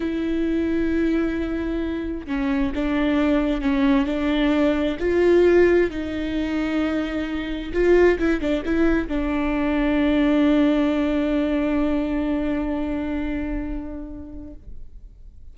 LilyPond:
\new Staff \with { instrumentName = "viola" } { \time 4/4 \tempo 4 = 132 e'1~ | e'4 cis'4 d'2 | cis'4 d'2 f'4~ | f'4 dis'2.~ |
dis'4 f'4 e'8 d'8 e'4 | d'1~ | d'1~ | d'1 | }